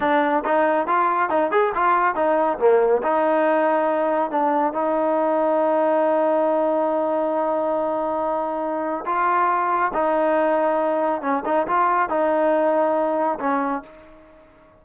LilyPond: \new Staff \with { instrumentName = "trombone" } { \time 4/4 \tempo 4 = 139 d'4 dis'4 f'4 dis'8 gis'8 | f'4 dis'4 ais4 dis'4~ | dis'2 d'4 dis'4~ | dis'1~ |
dis'1~ | dis'4 f'2 dis'4~ | dis'2 cis'8 dis'8 f'4 | dis'2. cis'4 | }